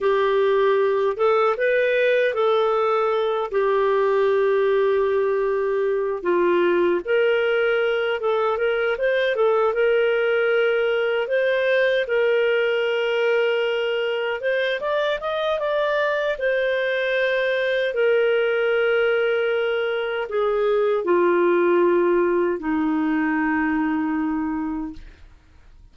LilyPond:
\new Staff \with { instrumentName = "clarinet" } { \time 4/4 \tempo 4 = 77 g'4. a'8 b'4 a'4~ | a'8 g'2.~ g'8 | f'4 ais'4. a'8 ais'8 c''8 | a'8 ais'2 c''4 ais'8~ |
ais'2~ ais'8 c''8 d''8 dis''8 | d''4 c''2 ais'4~ | ais'2 gis'4 f'4~ | f'4 dis'2. | }